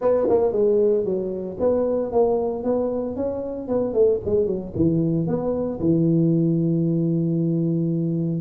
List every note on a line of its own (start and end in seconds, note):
0.01 0.27 B3
0.29 0.52 A#3
0.52 1.04 G#3
1.04 1.57 F#3
1.59 2.11 B3
2.11 2.63 A#3
2.63 3.16 B3
3.16 3.67 C#4
3.67 3.93 B3
3.93 4.19 A3
4.25 4.46 G#3
4.46 4.72 F#3
4.75 5.27 E3
5.27 5.79 B3
5.80 8.41 E3